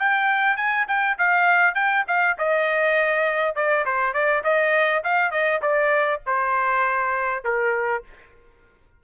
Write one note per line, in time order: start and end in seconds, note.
0.00 0.57 G5
0.57 0.87 G#5
0.88 1.18 G5
1.19 1.75 F5
1.75 2.05 G5
2.08 2.38 F5
2.38 3.56 D#5
3.56 3.86 D5
3.86 4.14 C5
4.14 4.43 D5
4.44 5.04 D#5
5.04 5.31 F5
5.31 5.61 D#5
5.62 6.22 D5
6.26 7.44 C5
7.44 8.04 A#4